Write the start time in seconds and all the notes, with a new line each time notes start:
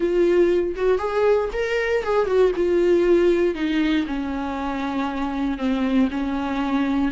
0.00 F4
0.76 F#4
0.98 G#4
1.53 A#4
2.03 G#4
2.26 F#4
2.56 F4
3.55 D#4
4.06 C#4
5.58 C4
6.10 C#4